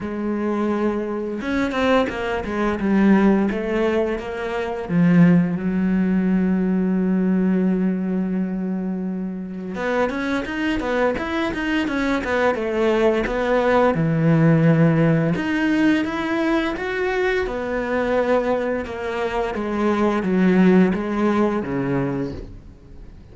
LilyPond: \new Staff \with { instrumentName = "cello" } { \time 4/4 \tempo 4 = 86 gis2 cis'8 c'8 ais8 gis8 | g4 a4 ais4 f4 | fis1~ | fis2 b8 cis'8 dis'8 b8 |
e'8 dis'8 cis'8 b8 a4 b4 | e2 dis'4 e'4 | fis'4 b2 ais4 | gis4 fis4 gis4 cis4 | }